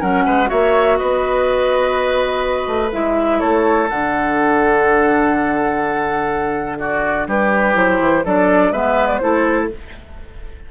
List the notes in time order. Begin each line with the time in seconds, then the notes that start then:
0.00 F#3 C#4 A#4 F#5
0.26 G#3 B4
0.47 A#3 F#4 C#5 E5
0.97 B3 B4 D#5
2.67 A3
2.93 G#3 E4 E5
3.40 A3 A4 C#5
3.89 D3 D4 F#5
6.79 F#4 D5
7.27 G3 G4 B4
7.74 F#3 E4 C5
8.00 E3
8.25 F#3 D4 A4 D5
8.72 G#3 B3 B4 E5
9.07 D5
9.18 A3 E4 A4 C5